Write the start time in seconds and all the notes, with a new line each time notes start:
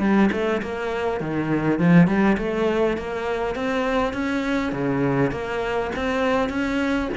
0.00 G3
0.32 A3
0.62 A#3
1.21 D#3
1.80 F3
2.07 G3
2.38 A3
2.98 A#3
3.56 C4
4.14 C#4
4.73 C#3
5.32 A#3
5.96 C4
6.50 C#4